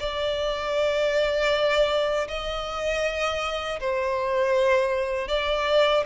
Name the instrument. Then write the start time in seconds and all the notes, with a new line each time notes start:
violin
0.00 D5
2.28 D#5
3.80 C5
5.29 D5